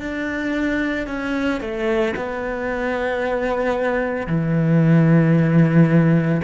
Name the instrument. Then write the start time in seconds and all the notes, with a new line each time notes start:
cello
0.00 D4
1.07 C#4
1.61 A3
2.16 B3
4.27 E3